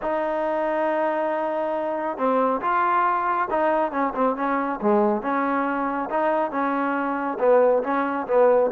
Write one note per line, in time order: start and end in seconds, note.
0.01 2.17 D#4
2.17 2.61 C4
2.61 3.48 F4
3.50 3.91 D#4
3.91 4.13 C#4
4.14 4.36 C4
4.36 4.79 C#4
4.81 5.22 G#3
5.22 6.09 C#4
6.10 6.51 D#4
6.51 7.38 C#4
7.39 7.82 B3
7.83 8.26 C#4
8.27 8.71 B3